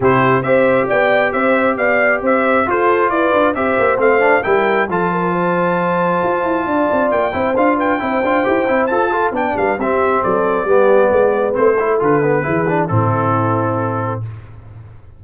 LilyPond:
<<
  \new Staff \with { instrumentName = "trumpet" } { \time 4/4 \tempo 4 = 135 c''4 e''4 g''4 e''4 | f''4 e''4 c''4 d''4 | e''4 f''4 g''4 a''4~ | a''1 |
g''4 f''8 g''2~ g''8 | a''4 g''8 f''8 e''4 d''4~ | d''2 c''4 b'4~ | b'4 a'2. | }
  \new Staff \with { instrumentName = "horn" } { \time 4/4 g'4 c''4 d''4 c''4 | d''4 c''4 a'4 b'4 | c''2 ais'4 a'8 ais'8 | c''2. d''4~ |
d''8 c''4 b'8 c''2~ | c''8 a'8 d''8 b'8 g'4 a'4 | g'4 b'4. a'4. | gis'4 e'2. | }
  \new Staff \with { instrumentName = "trombone" } { \time 4/4 e'4 g'2.~ | g'2 f'2 | g'4 c'8 d'8 e'4 f'4~ | f'1~ |
f'8 e'8 f'4 e'8 f'8 g'8 e'8 | a'8 f'8 d'4 c'2 | b2 c'8 e'8 f'8 b8 | e'8 d'8 c'2. | }
  \new Staff \with { instrumentName = "tuba" } { \time 4/4 c4 c'4 b4 c'4 | b4 c'4 f'4 e'8 d'8 | c'8 ais8 a4 g4 f4~ | f2 f'8 e'8 d'8 c'8 |
ais8 c'8 d'4 c'8 d'8 e'8 c'8 | f'4 b8 g8 c'4 fis4 | g4 gis4 a4 d4 | e4 a,2. | }
>>